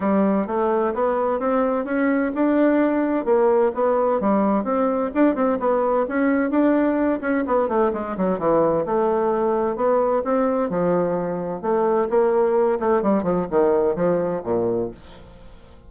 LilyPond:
\new Staff \with { instrumentName = "bassoon" } { \time 4/4 \tempo 4 = 129 g4 a4 b4 c'4 | cis'4 d'2 ais4 | b4 g4 c'4 d'8 c'8 | b4 cis'4 d'4. cis'8 |
b8 a8 gis8 fis8 e4 a4~ | a4 b4 c'4 f4~ | f4 a4 ais4. a8 | g8 f8 dis4 f4 ais,4 | }